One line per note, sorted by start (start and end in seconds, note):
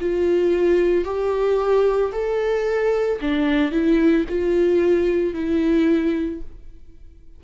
0.00 1.05 F4
1.05 2.12 G4
2.12 3.19 A4
3.21 3.71 D4
3.71 4.25 E4
4.29 5.34 F4
5.34 6.41 E4